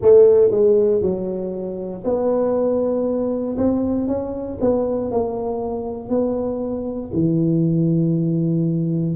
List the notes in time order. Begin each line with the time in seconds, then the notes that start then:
0.01 A3
0.50 G#3
1.01 F#3
2.04 B3
3.57 C4
4.07 C#4
4.60 B3
5.11 A#3
6.09 B3
7.13 E3